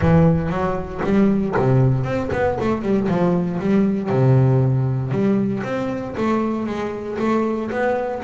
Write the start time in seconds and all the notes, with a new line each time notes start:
0.01 E3
0.49 F#3
1.04 G3
1.56 C3
2.03 C4
2.32 B3
2.60 A3
2.82 G3
3.08 F3
3.59 G3
4.09 C3
5.11 G3
5.63 C4
6.17 A3
6.66 G#3
7.19 A3
7.70 B3